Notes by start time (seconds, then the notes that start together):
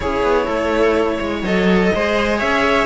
0.00 C#4 E4 G#4 C#5
0.23 B3
0.46 A3 A4
1.18 G#3 C#5
1.42 F#3 A4 D#5
1.94 G#3 G#4 C5
2.38 C#4 C#5 E5